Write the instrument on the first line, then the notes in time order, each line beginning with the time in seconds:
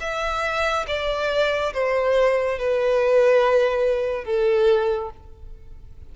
violin
0.00 E5
0.87 D5
1.74 C5
2.59 B4
4.24 A4